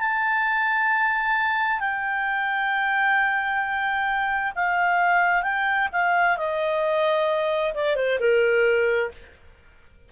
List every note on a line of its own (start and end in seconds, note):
0.00 1.80 A5
1.80 4.53 G5
4.56 5.43 F5
5.43 5.88 G5
5.93 6.38 F5
6.38 7.74 D#5
7.74 7.96 D5
7.96 8.19 C5
8.20 9.11 A#4